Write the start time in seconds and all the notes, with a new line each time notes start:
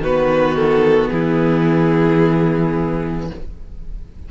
0.00 D#3 B3 F#4 B4
0.57 A4
1.10 E3 E4 G#4